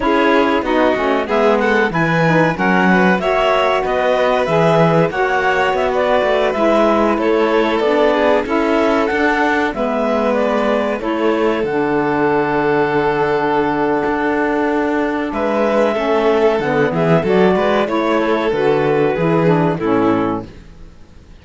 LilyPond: <<
  \new Staff \with { instrumentName = "clarinet" } { \time 4/4 \tempo 4 = 94 cis''4 dis''4 e''8 fis''8 gis''4 | fis''4 e''4 dis''4 e''4 | fis''4 e''16 d''4 e''4 cis''8.~ | cis''16 d''4 e''4 fis''4 e''8.~ |
e''16 d''4 cis''4 fis''4.~ fis''16~ | fis''1 | e''2 fis''8 e''8 d''4 | cis''4 b'2 a'4 | }
  \new Staff \with { instrumentName = "violin" } { \time 4/4 gis'4 fis'4 gis'8 a'8 b'4 | ais'8 b'8 cis''4 b'2 | cis''4~ cis''16 b'2 a'8.~ | a'8. gis'8 a'2 b'8.~ |
b'4~ b'16 a'2~ a'8.~ | a'1 | b'4 a'4. gis'8 a'8 b'8 | cis''8 a'4. gis'4 e'4 | }
  \new Staff \with { instrumentName = "saxophone" } { \time 4/4 e'4 dis'8 cis'8 b4 e'8 dis'8 | cis'4 fis'2 gis'4 | fis'2~ fis'16 e'4.~ e'16~ | e'16 d'4 e'4 d'4 b8.~ |
b4~ b16 e'4 d'4.~ d'16~ | d'1~ | d'4 cis'4 b4 fis'4 | e'4 fis'4 e'8 d'8 cis'4 | }
  \new Staff \with { instrumentName = "cello" } { \time 4/4 cis'4 b8 a8 gis4 e4 | fis4 ais4 b4 e4 | ais4 b8. a8 gis4 a8.~ | a16 b4 cis'4 d'4 gis8.~ |
gis4~ gis16 a4 d4.~ d16~ | d2 d'2 | gis4 a4 d8 e8 fis8 gis8 | a4 d4 e4 a,4 | }
>>